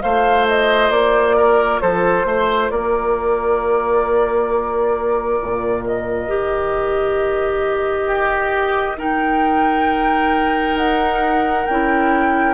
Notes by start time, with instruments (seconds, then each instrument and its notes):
0.00 bassoon A3, clarinet F4, oboe C5, flute F5
0.48 flute D#5
0.90 bassoon A#3, flute D5
1.37 oboe A#4
1.81 bassoon F3, oboe A4, flute C5
2.25 bassoon A3, oboe C5
2.71 bassoon A#3, oboe A#4, flute D5
5.42 bassoon A#2
5.86 flute D#5
6.27 bassoon D#3, clarinet G4
8.07 oboe G4
8.97 clarinet D#4, oboe A#4, flute G5
10.75 bassoon D#4, flute F#5
11.66 bassoon C#4, clarinet E4, flute G5